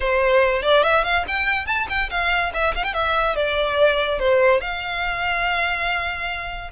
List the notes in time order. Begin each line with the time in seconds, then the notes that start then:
0.00 C5
0.62 D5
0.83 E5
1.04 F5
1.27 G5
1.66 A5
1.89 G5
2.10 F5
2.53 E5
2.74 F5
2.84 G5
2.93 E5
3.35 D5
4.19 C5
4.60 F5